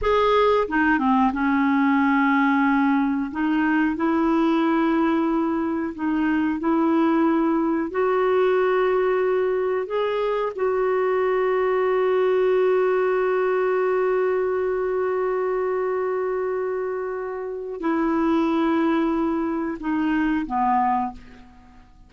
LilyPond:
\new Staff \with { instrumentName = "clarinet" } { \time 4/4 \tempo 4 = 91 gis'4 dis'8 c'8 cis'2~ | cis'4 dis'4 e'2~ | e'4 dis'4 e'2 | fis'2. gis'4 |
fis'1~ | fis'1~ | fis'2. e'4~ | e'2 dis'4 b4 | }